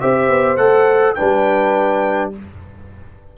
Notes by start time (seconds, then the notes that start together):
0.00 C4 G4 C5 E5
0.28 B3
0.57 A3 A4 F#5
1.14 D4 B4 G5
1.21 G3